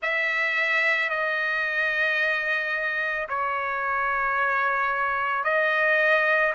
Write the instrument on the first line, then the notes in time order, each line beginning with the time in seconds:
trumpet
0.02 E5
1.09 D#5
3.28 C#5
5.43 D#5